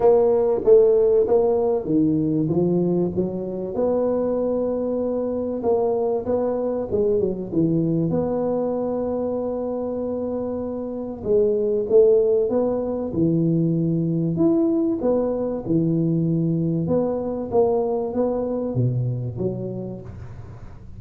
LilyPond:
\new Staff \with { instrumentName = "tuba" } { \time 4/4 \tempo 4 = 96 ais4 a4 ais4 dis4 | f4 fis4 b2~ | b4 ais4 b4 gis8 fis8 | e4 b2.~ |
b2 gis4 a4 | b4 e2 e'4 | b4 e2 b4 | ais4 b4 b,4 fis4 | }